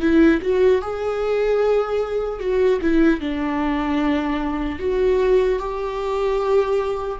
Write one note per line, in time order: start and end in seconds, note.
0.00 0.40 E4
0.41 0.81 F#4
0.81 2.39 G#4
2.39 2.79 F#4
2.81 3.20 E4
3.20 4.79 D4
4.79 5.59 F#4
5.59 7.19 G4